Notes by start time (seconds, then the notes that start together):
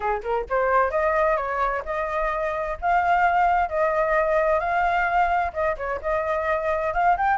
0.00 G#4
0.23 A#4
0.49 C5
0.91 D#5
1.36 C#5
1.85 D#5
2.81 F5
3.69 D#5
4.59 F5
5.53 D#5
5.77 C#5
6.01 D#5
6.93 F5
7.17 G5